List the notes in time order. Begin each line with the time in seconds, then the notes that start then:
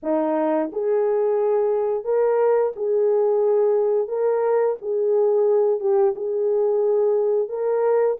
0.02 D#4
0.72 G#4
2.04 A#4
2.76 G#4
4.08 A#4
4.81 G#4
5.80 G4
6.15 G#4
7.48 A#4